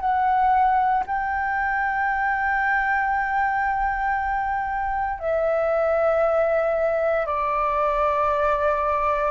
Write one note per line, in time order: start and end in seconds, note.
0.00 1.03 F#5
1.06 5.19 G5
5.19 7.26 E5
7.26 9.31 D5